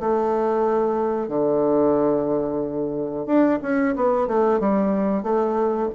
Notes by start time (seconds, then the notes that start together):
0.00 A3
1.29 D3
3.26 D4
3.62 C#4
3.96 B3
4.28 A3
4.60 G3
5.24 A3